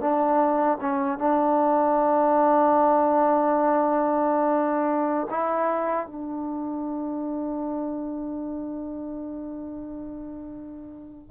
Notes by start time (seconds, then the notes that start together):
0.00 D4
0.80 C#4
1.18 D4
5.30 E4
6.06 D4